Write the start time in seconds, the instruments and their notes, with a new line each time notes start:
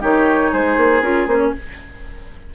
0.00 bassoon D#3, clarinet D#4, oboe G4, flute C#5
0.51 bassoon G#3, oboe G#4, flute C5
0.76 bassoon A#3
1.01 bassoon C#4, clarinet F4, flute A#4
1.26 bassoon A#3, clarinet C#4, flute C5
1.37 flute C#5